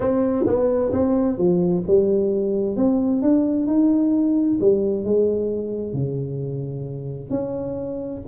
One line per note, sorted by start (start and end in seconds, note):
0.00 0.46 C4
0.46 0.92 B3
0.92 1.38 C4
1.38 1.83 F3
1.87 2.76 G3
2.76 3.22 C4
3.22 3.66 D4
3.66 4.58 D#4
4.60 5.04 G3
5.04 5.93 G#3
5.93 7.29 C#3
7.29 8.21 C#4